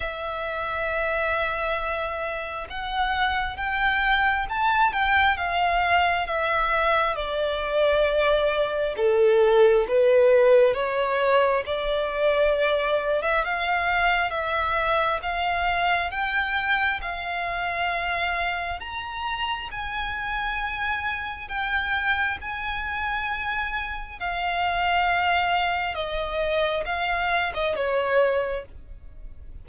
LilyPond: \new Staff \with { instrumentName = "violin" } { \time 4/4 \tempo 4 = 67 e''2. fis''4 | g''4 a''8 g''8 f''4 e''4 | d''2 a'4 b'4 | cis''4 d''4.~ d''16 e''16 f''4 |
e''4 f''4 g''4 f''4~ | f''4 ais''4 gis''2 | g''4 gis''2 f''4~ | f''4 dis''4 f''8. dis''16 cis''4 | }